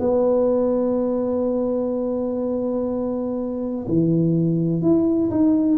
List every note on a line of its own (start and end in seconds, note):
0.00 3.87 B3
3.88 4.82 E3
4.82 5.30 E4
5.31 5.78 D#4